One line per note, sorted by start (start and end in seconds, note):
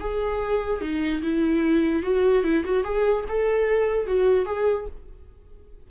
0.00 0.82 G#4
0.82 1.22 D#4
1.22 2.03 E4
2.03 2.44 F#4
2.44 2.64 E4
2.65 2.84 F#4
2.84 3.25 G#4
3.28 4.07 A4
4.07 4.46 F#4
4.46 4.87 G#4